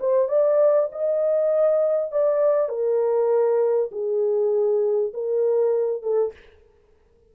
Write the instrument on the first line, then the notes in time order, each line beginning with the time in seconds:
horn
0.00 C5
0.29 D5
0.92 D#5
2.12 D5
2.69 A#4
3.91 G#4
5.13 A#4
6.02 A4